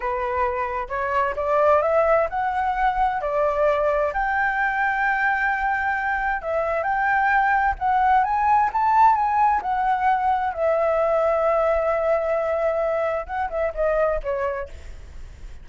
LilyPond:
\new Staff \with { instrumentName = "flute" } { \time 4/4 \tempo 4 = 131 b'2 cis''4 d''4 | e''4 fis''2 d''4~ | d''4 g''2.~ | g''2 e''4 g''4~ |
g''4 fis''4 gis''4 a''4 | gis''4 fis''2 e''4~ | e''1~ | e''4 fis''8 e''8 dis''4 cis''4 | }